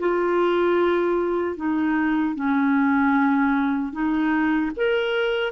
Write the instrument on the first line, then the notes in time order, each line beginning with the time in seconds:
clarinet
0.00 F4
1.57 D#4
2.35 C#4
3.93 D#4
4.77 A#4